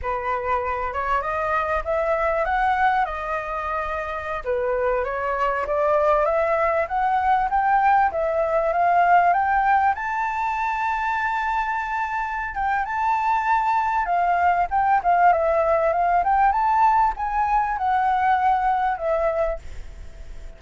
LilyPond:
\new Staff \with { instrumentName = "flute" } { \time 4/4 \tempo 4 = 98 b'4. cis''8 dis''4 e''4 | fis''4 dis''2~ dis''16 b'8.~ | b'16 cis''4 d''4 e''4 fis''8.~ | fis''16 g''4 e''4 f''4 g''8.~ |
g''16 a''2.~ a''8.~ | a''8 g''8 a''2 f''4 | g''8 f''8 e''4 f''8 g''8 a''4 | gis''4 fis''2 e''4 | }